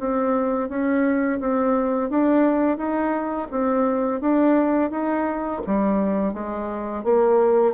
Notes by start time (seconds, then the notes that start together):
0.00 C4
0.69 C#4
1.41 C4
2.10 D4
2.78 D#4
3.51 C4
4.21 D4
4.91 D#4
5.67 G3
6.34 G#3
7.04 A#3